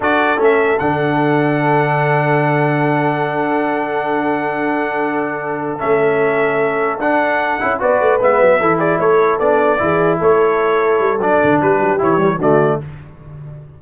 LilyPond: <<
  \new Staff \with { instrumentName = "trumpet" } { \time 4/4 \tempo 4 = 150 d''4 e''4 fis''2~ | fis''1~ | fis''1~ | fis''2~ fis''8 e''4.~ |
e''4. fis''2 d''8~ | d''8 e''4. d''8 cis''4 d''8~ | d''4. cis''2~ cis''8 | d''4 b'4 cis''4 d''4 | }
  \new Staff \with { instrumentName = "horn" } { \time 4/4 a'1~ | a'1~ | a'1~ | a'1~ |
a'2.~ a'8 b'8~ | b'4. a'8 gis'8 a'4.~ | a'8 gis'4 a'2~ a'8~ | a'4 g'2 fis'4 | }
  \new Staff \with { instrumentName = "trombone" } { \time 4/4 fis'4 cis'4 d'2~ | d'1~ | d'1~ | d'2~ d'8 cis'4.~ |
cis'4. d'4. e'8 fis'8~ | fis'8 b4 e'2 d'8~ | d'8 e'2.~ e'8 | d'2 e'8 g8 a4 | }
  \new Staff \with { instrumentName = "tuba" } { \time 4/4 d'4 a4 d2~ | d1~ | d1~ | d2~ d8 a4.~ |
a4. d'4. cis'8 b8 | a8 gis8 fis8 e4 a4 b8~ | b8 e4 a2 g8 | fis8 d8 g8 fis8 e4 d4 | }
>>